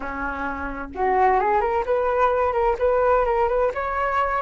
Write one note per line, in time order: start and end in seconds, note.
0.00 0.89 C#4
0.95 1.40 F#4
1.40 1.60 G#4
1.60 1.84 A#4
1.85 2.52 B4
2.52 2.76 A#4
2.78 3.25 B4
3.25 3.48 A#4
3.48 3.71 B4
3.74 4.42 C#5